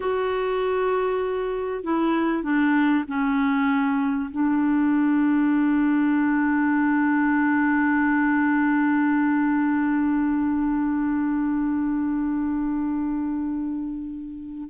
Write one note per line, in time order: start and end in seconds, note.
0.00 1.83 F#4
1.83 2.43 E4
2.43 3.04 D4
3.07 4.30 C#4
4.30 14.69 D4